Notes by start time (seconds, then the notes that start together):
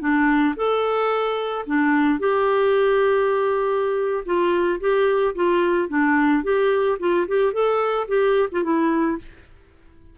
0.00 D4
0.56 A4
1.66 D4
2.20 G4
4.25 F4
4.80 G4
5.35 F4
5.89 D4
6.44 G4
6.99 F4
7.28 G4
7.53 A4
8.08 G4
8.52 F4
8.64 E4